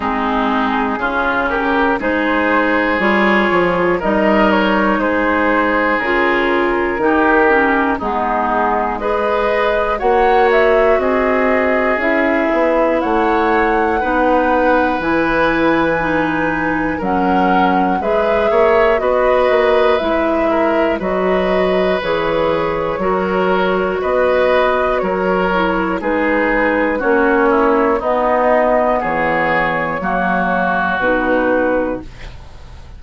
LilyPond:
<<
  \new Staff \with { instrumentName = "flute" } { \time 4/4 \tempo 4 = 60 gis'4. ais'8 c''4 cis''4 | dis''8 cis''8 c''4 ais'2 | gis'4 dis''4 fis''8 e''8 dis''4 | e''4 fis''2 gis''4~ |
gis''4 fis''4 e''4 dis''4 | e''4 dis''4 cis''2 | dis''4 cis''4 b'4 cis''4 | dis''4 cis''2 b'4 | }
  \new Staff \with { instrumentName = "oboe" } { \time 4/4 dis'4 f'8 g'8 gis'2 | ais'4 gis'2 g'4 | dis'4 b'4 cis''4 gis'4~ | gis'4 cis''4 b'2~ |
b'4 ais'4 b'8 cis''8 b'4~ | b'8 ais'8 b'2 ais'4 | b'4 ais'4 gis'4 fis'8 e'8 | dis'4 gis'4 fis'2 | }
  \new Staff \with { instrumentName = "clarinet" } { \time 4/4 c'4 cis'4 dis'4 f'4 | dis'2 f'4 dis'8 cis'8 | b4 gis'4 fis'2 | e'2 dis'4 e'4 |
dis'4 cis'4 gis'4 fis'4 | e'4 fis'4 gis'4 fis'4~ | fis'4. e'8 dis'4 cis'4 | b2 ais4 dis'4 | }
  \new Staff \with { instrumentName = "bassoon" } { \time 4/4 gis4 cis4 gis4 g8 f8 | g4 gis4 cis4 dis4 | gis2 ais4 c'4 | cis'8 b8 a4 b4 e4~ |
e4 fis4 gis8 ais8 b8 ais8 | gis4 fis4 e4 fis4 | b4 fis4 gis4 ais4 | b4 e4 fis4 b,4 | }
>>